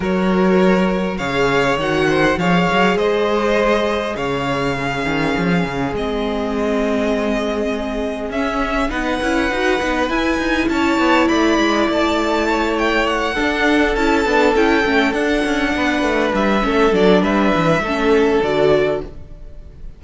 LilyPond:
<<
  \new Staff \with { instrumentName = "violin" } { \time 4/4 \tempo 4 = 101 cis''2 f''4 fis''4 | f''4 dis''2 f''4~ | f''2 dis''2~ | dis''2 e''4 fis''4~ |
fis''4 gis''4 a''4 b''4 | a''4. g''8 fis''4. a''8~ | a''8 g''4 fis''2 e''8~ | e''8 d''8 e''2 d''4 | }
  \new Staff \with { instrumentName = "violin" } { \time 4/4 ais'2 cis''4. c''8 | cis''4 c''2 cis''4 | gis'1~ | gis'2. b'4~ |
b'2 cis''4 d''4~ | d''4 cis''4. a'4.~ | a'2~ a'8 b'4. | a'4 b'4 a'2 | }
  \new Staff \with { instrumentName = "viola" } { \time 4/4 fis'2 gis'4 fis'4 | gis'1 | cis'2 c'2~ | c'2 cis'4 dis'8 e'8 |
fis'8 dis'8 e'2.~ | e'2~ e'8 d'4 e'8 | d'8 e'8 cis'8 d'2~ d'8 | cis'8 d'4. cis'4 fis'4 | }
  \new Staff \with { instrumentName = "cello" } { \time 4/4 fis2 cis4 dis4 | f8 fis8 gis2 cis4~ | cis8 dis8 f8 cis8 gis2~ | gis2 cis'4 b8 cis'8 |
dis'8 b8 e'8 dis'8 cis'8 b8 a8 gis8 | a2~ a8 d'4 cis'8 | b8 cis'8 a8 d'8 cis'8 b8 a8 g8 | a8 fis8 g8 e8 a4 d4 | }
>>